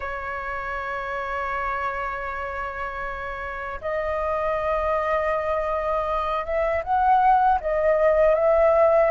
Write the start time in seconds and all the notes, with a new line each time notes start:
0.00 C#5
3.81 D#5
6.45 E5
6.83 F#5
7.60 D#5
8.34 E5